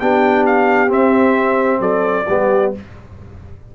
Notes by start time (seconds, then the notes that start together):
0.00 B3 D4 G4 G5
0.46 F5
0.89 C4 E5
1.80 F#3 A4 D5
2.29 G3 B3 G4